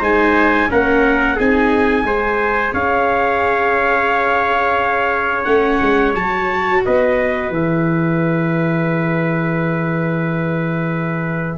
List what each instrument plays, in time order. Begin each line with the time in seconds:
0.00 tuba G#3, viola D#4, trumpet C5 G#5
0.70 tuba A#3, viola C#4, trumpet A#4 F#5
1.36 tuba C4, viola D#4, trumpet G#4 G#5
2.04 tuba G#3, viola G#4, trumpet C5
2.74 tuba C#4, trumpet C#5 F5
5.44 tuba A3, viola C#4, trumpet F#5
5.82 tuba G#3
6.15 tuba F#3, viola F#4, trumpet A5
6.86 tuba B3, trumpet B4 D#5
7.50 tuba E3, viola G#4, trumpet E5